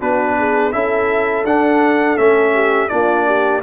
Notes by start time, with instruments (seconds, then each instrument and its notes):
0.00 tuba B3, trombone D4, horn F#4, trumpet B4
0.38 horn G#4
0.72 tuba C#4, trombone E4, horn A4, trumpet E5
1.44 tuba D4, trombone D4, trumpet F#5
2.17 tuba A3, trombone C#4, trumpet E5
2.53 horn G4
2.89 tuba A#3, trombone D4, horn F4, trumpet D5
3.26 horn G4